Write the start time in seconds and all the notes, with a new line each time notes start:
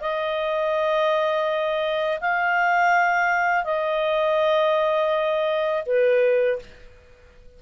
0.00 D#5
2.21 F5
3.65 D#5
5.86 B4